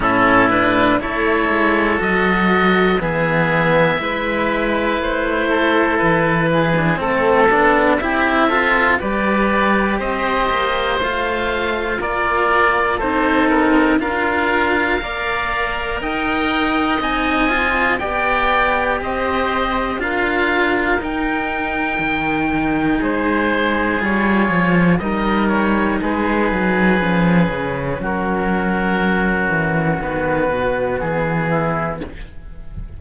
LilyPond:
<<
  \new Staff \with { instrumentName = "oboe" } { \time 4/4 \tempo 4 = 60 a'8 b'8 cis''4 dis''4 e''4~ | e''4 c''4 b'4 a'4 | e''4 d''4 dis''4 f''4 | d''4 c''8 ais'8 f''2 |
g''4 gis''4 g''4 dis''4 | f''4 g''2 c''4 | cis''4 dis''8 cis''8 b'2 | ais'2 b'4 gis'4 | }
  \new Staff \with { instrumentName = "oboe" } { \time 4/4 e'4 a'2 gis'4 | b'4. a'4 gis'8 a'4 | g'8 a'8 b'4 c''2 | ais'4 a'4 ais'4 d''4 |
dis''2 d''4 c''4 | ais'2. gis'4~ | gis'4 ais'4 gis'2 | fis'2.~ fis'8 e'8 | }
  \new Staff \with { instrumentName = "cello" } { \time 4/4 cis'8 d'8 e'4 fis'4 b4 | e'2~ e'8. d'16 c'8 d'8 | e'8 f'8 g'2 f'4~ | f'4 dis'4 f'4 ais'4~ |
ais'4 dis'8 f'8 g'2 | f'4 dis'2. | f'4 dis'2 cis'4~ | cis'2 b2 | }
  \new Staff \with { instrumentName = "cello" } { \time 4/4 a,4 a8 gis8 fis4 e4 | gis4 a4 e4 a8 b8 | c'4 g4 c'8 ais8 a4 | ais4 c'4 d'4 ais4 |
dis'4 c'4 b4 c'4 | d'4 dis'4 dis4 gis4 | g8 f8 g4 gis8 fis8 f8 cis8 | fis4. e8 dis8 b,8 e4 | }
>>